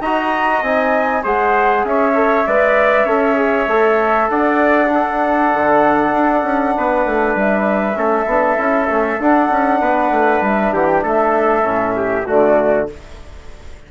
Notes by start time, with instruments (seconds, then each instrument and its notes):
0.00 bassoon D#4, trombone F#4, trumpet D#5, flute A#5
0.61 bassoon C4, trombone D#4, flute G#5
1.23 bassoon G#3, trombone G#4, trumpet C5, flute F#5
1.84 bassoon C#4, trumpet C#5, flute E5
2.14 trombone A4
2.47 bassoon G#3, trombone B4, trumpet D5
3.04 bassoon C#4, trombone A4, trumpet C#5
3.36 trombone G#4
3.67 bassoon A3, trombone A4
4.29 bassoon D4, trumpet D5, flute F#5
4.87 trombone D4
4.94 trumpet A4
5.53 bassoon D3
6.12 bassoon D4
6.42 bassoon C#4
6.77 bassoon B3, trumpet B4
7.05 bassoon A3
7.35 bassoon G3, flute E5
7.96 bassoon A3, trombone C#4, trumpet A4
8.26 bassoon B3, trombone D4
8.57 bassoon C#4, trombone E4
8.89 bassoon A3, trombone C#4
9.19 bassoon D4, trombone D4, flute F#5
9.50 bassoon C#4
9.80 bassoon B3, trumpet B4
10.10 bassoon A3
10.41 bassoon G3, flute E5
10.72 bassoon E3, trumpet G4, flute F#5
10.86 flute G5
11.03 bassoon A3, trumpet A4, flute E5
11.62 bassoon A2, trombone C#4
11.96 trumpet G4
12.26 bassoon D3, trombone A3, trumpet F#4, flute D5